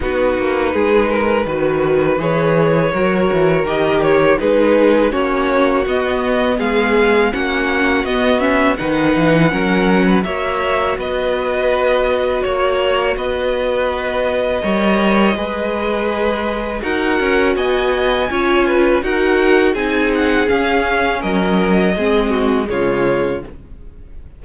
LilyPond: <<
  \new Staff \with { instrumentName = "violin" } { \time 4/4 \tempo 4 = 82 b'2. cis''4~ | cis''4 dis''8 cis''8 b'4 cis''4 | dis''4 f''4 fis''4 dis''8 e''8 | fis''2 e''4 dis''4~ |
dis''4 cis''4 dis''2~ | dis''2. fis''4 | gis''2 fis''4 gis''8 fis''8 | f''4 dis''2 cis''4 | }
  \new Staff \with { instrumentName = "violin" } { \time 4/4 fis'4 gis'8 ais'8 b'2 | ais'2 gis'4 fis'4~ | fis'4 gis'4 fis'2 | b'4 ais'8. b'16 cis''4 b'4~ |
b'4 cis''4 b'2 | cis''4 b'2 ais'4 | dis''4 cis''8 b'8 ais'4 gis'4~ | gis'4 ais'4 gis'8 fis'8 f'4 | }
  \new Staff \with { instrumentName = "viola" } { \time 4/4 dis'2 fis'4 gis'4 | fis'4 g'4 dis'4 cis'4 | b2 cis'4 b8 cis'8 | dis'4 cis'4 fis'2~ |
fis'1 | ais'4 gis'2 fis'4~ | fis'4 f'4 fis'4 dis'4 | cis'2 c'4 gis4 | }
  \new Staff \with { instrumentName = "cello" } { \time 4/4 b8 ais8 gis4 dis4 e4 | fis8 e8 dis4 gis4 ais4 | b4 gis4 ais4 b4 | dis8 e8 fis4 ais4 b4~ |
b4 ais4 b2 | g4 gis2 dis'8 cis'8 | b4 cis'4 dis'4 c'4 | cis'4 fis4 gis4 cis4 | }
>>